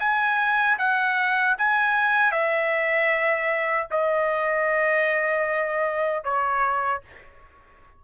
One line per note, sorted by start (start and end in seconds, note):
0.00 0.78 G#5
0.79 1.57 F#5
1.58 2.32 G#5
2.32 3.87 E5
3.91 6.24 D#5
6.24 7.02 C#5